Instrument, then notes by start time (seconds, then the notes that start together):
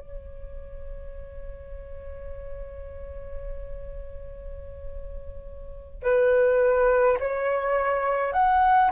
flute
0.00 C#5
6.03 B4
7.20 C#5
8.33 F#5